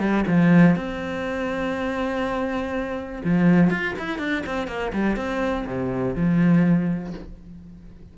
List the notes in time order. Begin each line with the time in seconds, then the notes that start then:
0.00 G3
0.27 F3
0.76 C4
3.25 F3
3.70 F4
3.99 E4
4.19 D4
4.46 C4
4.68 A#3
4.94 G3
5.16 C4
5.67 C3
6.16 F3